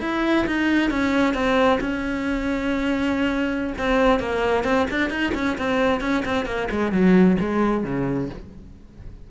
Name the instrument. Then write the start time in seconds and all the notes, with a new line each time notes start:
cello
0.00 E4
0.46 D#4
0.90 C#4
1.33 C4
1.80 C#4
3.78 C4
4.19 A#3
4.64 C4
4.90 D4
5.10 D#4
5.34 C#4
5.57 C4
6.00 C#4
6.25 C4
6.45 A#3
6.71 G#3
6.91 F#3
7.39 G#3
7.83 C#3